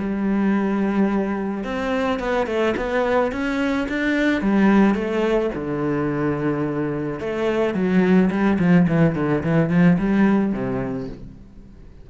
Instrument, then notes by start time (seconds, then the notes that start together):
cello
0.00 G3
1.64 C4
2.20 B3
2.47 A3
2.77 B3
3.32 C#4
3.89 D4
4.42 G3
4.95 A3
5.55 D3
7.20 A3
7.75 F#3
8.31 G3
8.60 F3
8.88 E3
9.16 D3
9.44 E3
9.70 F3
9.99 G3
10.53 C3